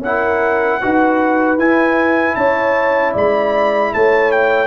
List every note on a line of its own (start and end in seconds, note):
0.00 0.78 C#4
0.00 0.82 E4
0.00 0.80 A#4
0.00 1.59 F#5
0.82 1.57 D#4
0.82 1.60 F#4
0.82 2.37 B4
1.57 2.35 E4
1.57 4.68 E4
1.57 2.35 G#5
2.35 3.15 C#4
2.35 3.14 C#5
2.35 3.13 A5
3.14 3.93 G#3
3.14 3.92 D5
3.14 3.94 B5
3.94 4.68 A3
3.94 4.68 C#5
3.94 4.32 A5
4.32 4.68 G5